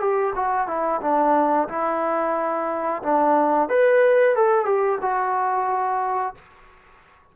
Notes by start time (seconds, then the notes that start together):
0.00 G4
0.35 F#4
0.67 E4
1.01 D4
1.68 E4
3.03 D4
3.69 B4
4.35 A4
4.65 G4
5.01 F#4